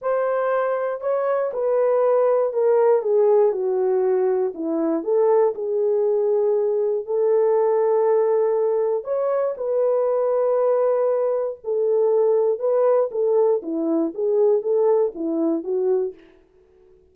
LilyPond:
\new Staff \with { instrumentName = "horn" } { \time 4/4 \tempo 4 = 119 c''2 cis''4 b'4~ | b'4 ais'4 gis'4 fis'4~ | fis'4 e'4 a'4 gis'4~ | gis'2 a'2~ |
a'2 cis''4 b'4~ | b'2. a'4~ | a'4 b'4 a'4 e'4 | gis'4 a'4 e'4 fis'4 | }